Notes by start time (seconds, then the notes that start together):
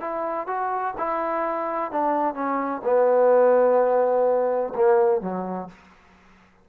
0.00 E4
0.47 F#4
0.97 E4
1.91 D4
2.34 C#4
2.84 B3
4.75 A#3
5.21 F#3